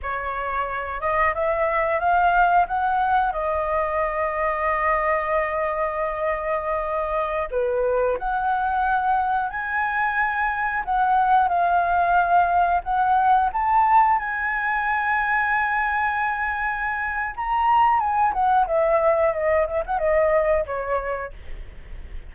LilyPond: \new Staff \with { instrumentName = "flute" } { \time 4/4 \tempo 4 = 90 cis''4. dis''8 e''4 f''4 | fis''4 dis''2.~ | dis''2.~ dis''16 b'8.~ | b'16 fis''2 gis''4.~ gis''16~ |
gis''16 fis''4 f''2 fis''8.~ | fis''16 a''4 gis''2~ gis''8.~ | gis''2 ais''4 gis''8 fis''8 | e''4 dis''8 e''16 fis''16 dis''4 cis''4 | }